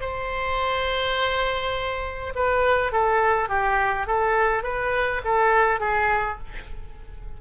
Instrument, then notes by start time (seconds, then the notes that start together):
oboe
0.00 C5
2.35 B4
2.92 A4
3.48 G4
4.07 A4
4.63 B4
5.24 A4
5.80 G#4